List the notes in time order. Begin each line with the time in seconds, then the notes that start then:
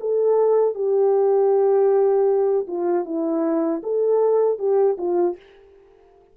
0.00 A4
0.74 G4
2.67 F4
3.05 E4
3.83 A4
4.58 G4
4.98 F4